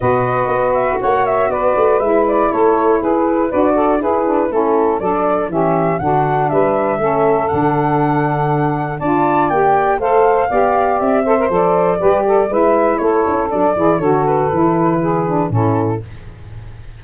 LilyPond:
<<
  \new Staff \with { instrumentName = "flute" } { \time 4/4 \tempo 4 = 120 dis''4. e''8 fis''8 e''8 d''4 | e''8 d''8 cis''4 b'4 d''4 | b'4 a'4 d''4 e''4 | fis''4 e''2 fis''4~ |
fis''2 a''4 g''4 | f''2 e''4 d''4~ | d''4 e''4 cis''4 d''4 | cis''8 b'2~ b'8 a'4 | }
  \new Staff \with { instrumentName = "saxophone" } { \time 4/4 b'2 cis''4 b'4~ | b'4 a'4 gis'4 b'8 a'8 | gis'4 e'4 a'4 g'4 | fis'4 b'4 a'2~ |
a'2 d''2 | c''4 d''4. c''4. | b'8 a'8 b'4 a'4. gis'8 | a'2 gis'4 e'4 | }
  \new Staff \with { instrumentName = "saxophone" } { \time 4/4 fis'1 | e'2. fis'4 | e'8 d'8 cis'4 d'4 cis'4 | d'2 cis'4 d'4~ |
d'2 f'4 g'4 | a'4 g'4. a'16 ais'16 a'4 | g'4 e'2 d'8 e'8 | fis'4 e'4. d'8 cis'4 | }
  \new Staff \with { instrumentName = "tuba" } { \time 4/4 b,4 b4 ais4 b8 a8 | gis4 a4 e'4 d'4 | e'4 a4 fis4 e4 | d4 g4 a4 d4~ |
d2 d'4 ais4 | a4 b4 c'4 f4 | g4 gis4 a8 cis'8 fis8 e8 | d4 e2 a,4 | }
>>